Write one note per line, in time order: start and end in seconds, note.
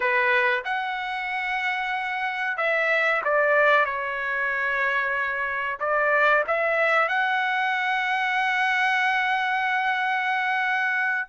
0.00 0.64 B4
0.64 2.57 F#5
2.57 3.21 E5
3.24 3.85 D5
3.85 5.78 C#5
5.79 6.44 D5
6.47 7.08 E5
7.08 11.27 F#5